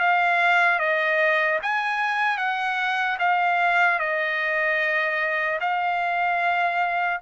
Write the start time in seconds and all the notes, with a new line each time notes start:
0.00 F5
0.80 D#5
1.63 G#5
2.38 F#5
3.20 F5
3.99 D#5
5.61 F5